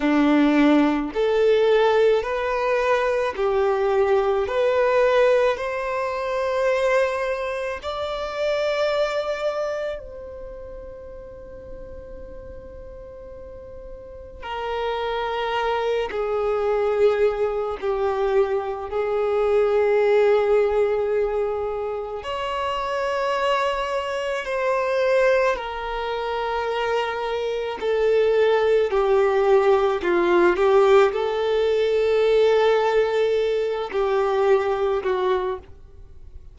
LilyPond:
\new Staff \with { instrumentName = "violin" } { \time 4/4 \tempo 4 = 54 d'4 a'4 b'4 g'4 | b'4 c''2 d''4~ | d''4 c''2.~ | c''4 ais'4. gis'4. |
g'4 gis'2. | cis''2 c''4 ais'4~ | ais'4 a'4 g'4 f'8 g'8 | a'2~ a'8 g'4 fis'8 | }